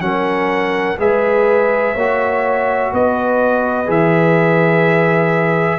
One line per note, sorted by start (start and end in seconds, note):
0.00 0.97 F#3
0.00 0.97 C#4
0.00 0.99 A#4
0.00 0.97 F#5
0.98 1.95 G#3
0.98 1.95 G#4
0.98 1.94 B4
0.98 2.93 E5
1.94 2.92 A#3
1.94 3.86 F#4
1.94 2.90 C#5
2.91 3.88 B3
2.91 5.78 B4
2.91 3.90 D#5
3.86 5.78 E3
3.86 5.78 G#4
3.86 5.78 E5